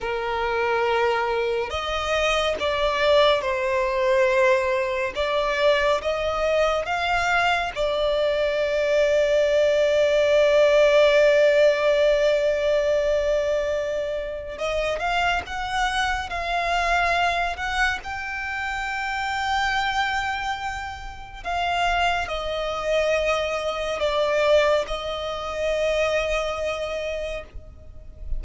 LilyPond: \new Staff \with { instrumentName = "violin" } { \time 4/4 \tempo 4 = 70 ais'2 dis''4 d''4 | c''2 d''4 dis''4 | f''4 d''2.~ | d''1~ |
d''4 dis''8 f''8 fis''4 f''4~ | f''8 fis''8 g''2.~ | g''4 f''4 dis''2 | d''4 dis''2. | }